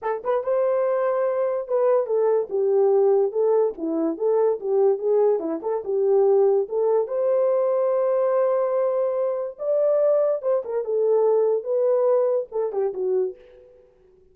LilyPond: \new Staff \with { instrumentName = "horn" } { \time 4/4 \tempo 4 = 144 a'8 b'8 c''2. | b'4 a'4 g'2 | a'4 e'4 a'4 g'4 | gis'4 e'8 a'8 g'2 |
a'4 c''2.~ | c''2. d''4~ | d''4 c''8 ais'8 a'2 | b'2 a'8 g'8 fis'4 | }